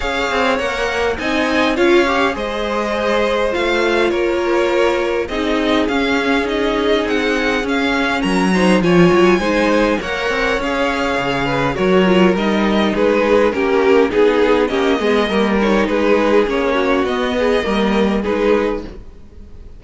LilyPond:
<<
  \new Staff \with { instrumentName = "violin" } { \time 4/4 \tempo 4 = 102 f''4 fis''4 gis''4 f''4 | dis''2 f''4 cis''4~ | cis''4 dis''4 f''4 dis''4 | fis''4 f''4 ais''4 gis''4~ |
gis''4 fis''4 f''2 | cis''4 dis''4 b'4 ais'4 | gis'4 dis''4. cis''8 b'4 | cis''4 dis''2 b'4 | }
  \new Staff \with { instrumentName = "violin" } { \time 4/4 cis''2 dis''4 cis''4 | c''2. ais'4~ | ais'4 gis'2.~ | gis'2 ais'8 c''8 cis''4 |
c''4 cis''2~ cis''8 b'8 | ais'2 gis'4 g'4 | gis'4 g'8 gis'8 ais'4 gis'4~ | gis'8 fis'4 gis'8 ais'4 gis'4 | }
  \new Staff \with { instrumentName = "viola" } { \time 4/4 gis'4 ais'4 dis'4 f'8 g'8 | gis'2 f'2~ | f'4 dis'4 cis'4 dis'4~ | dis'4 cis'4. dis'8 f'4 |
dis'4 ais'4 gis'2 | fis'8 f'8 dis'2 cis'4 | dis'4 cis'8 b8 ais8 dis'4. | cis'4 b4 ais4 dis'4 | }
  \new Staff \with { instrumentName = "cello" } { \time 4/4 cis'8 c'8 ais4 c'4 cis'4 | gis2 a4 ais4~ | ais4 c'4 cis'2 | c'4 cis'4 fis4 f8 fis8 |
gis4 ais8 c'8 cis'4 cis4 | fis4 g4 gis4 ais4 | b4 ais8 gis8 g4 gis4 | ais4 b4 g4 gis4 | }
>>